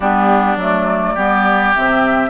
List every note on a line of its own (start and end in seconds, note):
0.00 0.56 G3
0.00 0.59 B3
0.00 1.14 D4
0.00 0.56 G4
0.56 1.14 F#3
0.56 1.17 A3
0.56 1.74 D5
1.14 1.75 G3
1.14 1.74 B3
1.14 2.29 G4
1.74 2.29 C3
1.74 2.29 C4
1.74 2.29 E5